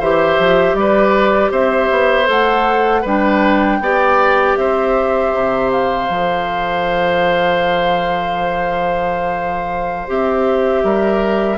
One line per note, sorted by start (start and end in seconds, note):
0.00 0.38 E3
0.00 2.26 G4
0.00 0.76 C5
0.00 0.75 E5
0.39 0.74 F3
0.74 1.50 G3
0.74 1.51 B4
0.74 1.51 D5
1.51 1.90 C4
1.51 3.02 C5
1.51 2.28 E5
1.91 2.29 B3
2.26 3.05 A3
2.26 3.02 A4
2.26 3.06 F#5
3.02 3.80 G3
3.02 3.83 D4
3.02 3.78 B4
3.02 4.57 G5
3.80 4.56 B3
3.80 6.09 G4
3.80 4.59 D5
4.57 5.33 C4
4.57 10.84 C5
4.57 5.71 E5
5.33 6.09 C3
5.72 10.09 F5
6.09 10.08 F3
6.09 10.07 A4
10.07 10.84 C4
10.07 11.58 G4
10.07 11.58 E5
10.84 11.58 G3
10.84 11.58 A#4